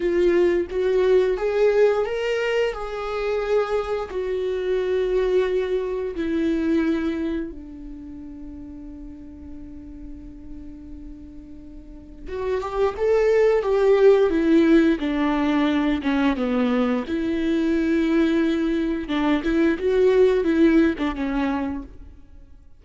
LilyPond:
\new Staff \with { instrumentName = "viola" } { \time 4/4 \tempo 4 = 88 f'4 fis'4 gis'4 ais'4 | gis'2 fis'2~ | fis'4 e'2 d'4~ | d'1~ |
d'2 fis'8 g'8 a'4 | g'4 e'4 d'4. cis'8 | b4 e'2. | d'8 e'8 fis'4 e'8. d'16 cis'4 | }